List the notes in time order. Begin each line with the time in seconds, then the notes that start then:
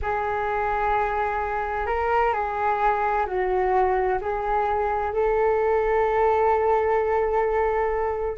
0.02 G#4
1.86 A#4
2.33 G#4
3.26 F#4
4.21 G#4
5.13 A4